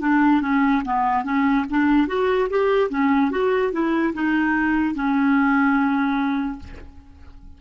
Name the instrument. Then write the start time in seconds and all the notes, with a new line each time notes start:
clarinet
0.00 D4
0.41 C#4
0.85 B3
1.24 C#4
1.70 D4
2.07 F#4
2.50 G4
2.90 C#4
3.31 F#4
3.72 E4
4.14 D#4
4.95 C#4